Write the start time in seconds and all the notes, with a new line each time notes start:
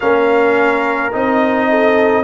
0.00 A#3 C#4 A#4 F5
1.12 C4 D#4 D#5
1.69 A4